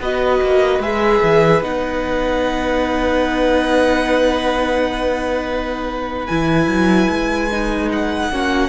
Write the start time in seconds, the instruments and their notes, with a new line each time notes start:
0.00 cello B3, viola F#4, violin B4 D#5
0.42 cello A#3
0.79 cello G#3, viola G#4, violin E5
1.23 cello E3
1.62 cello B3, viola D#4, violin F#5
6.27 cello E3, viola E4, violin G#5
6.68 cello F#3
7.10 cello G#3
7.52 viola D#4
7.93 violin F#5
8.31 cello A#3, viola C#4, violin F#4